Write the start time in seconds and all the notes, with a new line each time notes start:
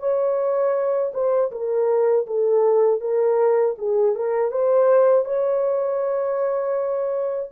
0.00 C#5
1.14 C5
1.52 A#4
2.27 A4
3.01 A#4
3.79 G#4
4.16 A#4
4.52 C5
5.25 C#5